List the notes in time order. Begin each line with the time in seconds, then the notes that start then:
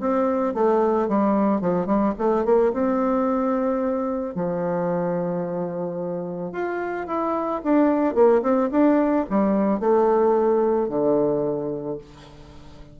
0.00 C4
0.54 A3
1.08 G3
1.61 F3
1.86 G3
2.18 A3
2.45 A#3
2.72 C4
4.35 F3
6.52 F4
7.07 E4
7.63 D4
8.14 A#3
8.42 C4
8.71 D4
9.30 G3
9.79 A3
10.88 D3